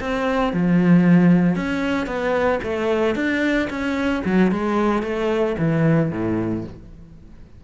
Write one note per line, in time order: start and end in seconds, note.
0.00 0.53 C4
0.53 1.56 F3
1.56 2.06 C#4
2.06 2.59 B3
2.63 3.15 A3
3.15 3.68 D4
3.70 4.23 C#4
4.25 4.51 F#3
4.51 5.02 G#3
5.02 5.55 A3
5.58 6.11 E3
6.11 6.64 A2